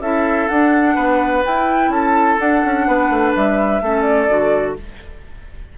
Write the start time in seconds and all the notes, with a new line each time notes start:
0.00 C#4 E4 A4 E5
0.49 D4 F#5
0.96 B3 B4
1.45 E4 G5
1.89 C#4 A4 A5
2.39 D4 F#5
2.65 C#4
2.87 B3 B4
3.10 A3
3.36 G3 E5
3.82 A3 C#4 A4
4.02 D5
4.29 D3 F#4